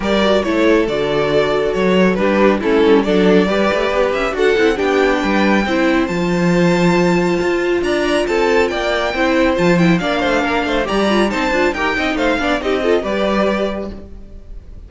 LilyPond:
<<
  \new Staff \with { instrumentName = "violin" } { \time 4/4 \tempo 4 = 138 d''4 cis''4 d''2 | cis''4 b'4 a'4 d''4~ | d''4. e''8 fis''4 g''4~ | g''2 a''2~ |
a''2 ais''4 a''4 | g''2 a''8 g''8 f''4~ | f''4 ais''4 a''4 g''4 | f''4 dis''4 d''2 | }
  \new Staff \with { instrumentName = "violin" } { \time 4/4 ais'4 a'2.~ | a'4 g'4 e'4 a'4 | b'2 a'4 g'4 | b'4 c''2.~ |
c''2 d''4 a'4 | d''4 c''2 d''8 c''8 | ais'8 c''8 d''4 c''4 ais'8 dis''8 | c''8 d''8 g'8 a'8 b'2 | }
  \new Staff \with { instrumentName = "viola" } { \time 4/4 g'8 fis'8 e'4 fis'2~ | fis'4 d'4 cis'4 d'4 | g'2 fis'8 e'8 d'4~ | d'4 e'4 f'2~ |
f'1~ | f'4 e'4 f'8 e'8 d'4~ | d'4 g'8 f'8 dis'8 f'8 g'8 dis'8~ | dis'8 d'8 dis'8 f'8 g'2 | }
  \new Staff \with { instrumentName = "cello" } { \time 4/4 g4 a4 d2 | fis4 g4 a8 g8 fis4 | g8 a8 b8 cis'8 d'8 c'8 b4 | g4 c'4 f2~ |
f4 f'4 d'4 c'4 | ais4 c'4 f4 ais8 a8 | ais8 a8 g4 c'8 d'8 dis'8 c'8 | a8 b8 c'4 g2 | }
>>